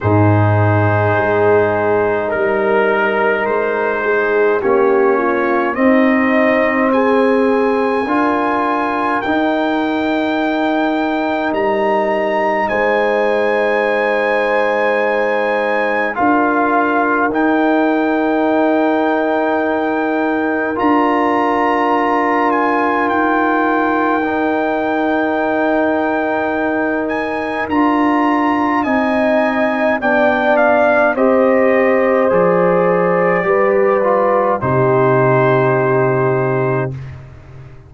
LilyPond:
<<
  \new Staff \with { instrumentName = "trumpet" } { \time 4/4 \tempo 4 = 52 c''2 ais'4 c''4 | cis''4 dis''4 gis''2 | g''2 ais''4 gis''4~ | gis''2 f''4 g''4~ |
g''2 ais''4. gis''8 | g''2.~ g''8 gis''8 | ais''4 gis''4 g''8 f''8 dis''4 | d''2 c''2 | }
  \new Staff \with { instrumentName = "horn" } { \time 4/4 gis'2 ais'4. gis'8 | g'8 f'8 dis'4 gis'4 ais'4~ | ais'2. c''4~ | c''2 ais'2~ |
ais'1~ | ais'1~ | ais'4 dis''4 d''4 c''4~ | c''4 b'4 g'2 | }
  \new Staff \with { instrumentName = "trombone" } { \time 4/4 dis'1 | cis'4 c'2 f'4 | dis'1~ | dis'2 f'4 dis'4~ |
dis'2 f'2~ | f'4 dis'2. | f'4 dis'4 d'4 g'4 | gis'4 g'8 f'8 dis'2 | }
  \new Staff \with { instrumentName = "tuba" } { \time 4/4 gis,4 gis4 g4 gis4 | ais4 c'2 d'4 | dis'2 g4 gis4~ | gis2 d'4 dis'4~ |
dis'2 d'2 | dis'1 | d'4 c'4 b4 c'4 | f4 g4 c2 | }
>>